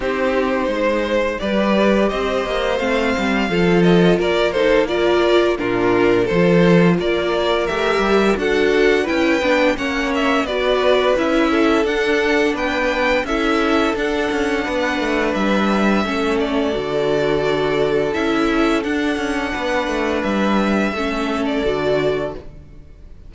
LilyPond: <<
  \new Staff \with { instrumentName = "violin" } { \time 4/4 \tempo 4 = 86 c''2 d''4 dis''4 | f''4. dis''8 d''8 c''8 d''4 | ais'4 c''4 d''4 e''4 | fis''4 g''4 fis''8 e''8 d''4 |
e''4 fis''4 g''4 e''4 | fis''2 e''4. d''8~ | d''2 e''4 fis''4~ | fis''4 e''4.~ e''16 d''4~ d''16 | }
  \new Staff \with { instrumentName = "violin" } { \time 4/4 g'4 c''4 b'4 c''4~ | c''4 a'4 ais'8 a'8 ais'4 | f'4 a'4 ais'2 | a'4 b'4 cis''4 b'4~ |
b'8 a'4. b'4 a'4~ | a'4 b'2 a'4~ | a'1 | b'2 a'2 | }
  \new Staff \with { instrumentName = "viola" } { \time 4/4 dis'2 g'2 | c'4 f'4. dis'8 f'4 | d'4 f'2 g'4 | fis'4 e'8 d'8 cis'4 fis'4 |
e'4 d'2 e'4 | d'2. cis'4 | fis'2 e'4 d'4~ | d'2 cis'4 fis'4 | }
  \new Staff \with { instrumentName = "cello" } { \time 4/4 c'4 gis4 g4 c'8 ais8 | a8 g8 f4 ais2 | ais,4 f4 ais4 a8 g8 | d'4 cis'8 b8 ais4 b4 |
cis'4 d'4 b4 cis'4 | d'8 cis'8 b8 a8 g4 a4 | d2 cis'4 d'8 cis'8 | b8 a8 g4 a4 d4 | }
>>